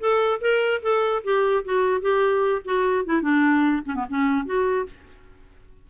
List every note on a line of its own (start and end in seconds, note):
0.00 0.41 A4
0.41 0.81 A#4
0.82 1.23 A4
1.24 1.64 G4
1.65 2.01 F#4
2.01 2.62 G4
2.65 3.05 F#4
3.05 3.22 E4
3.22 3.83 D4
3.86 3.95 C#4
3.95 4.05 B3
4.09 4.45 C#4
4.45 4.86 F#4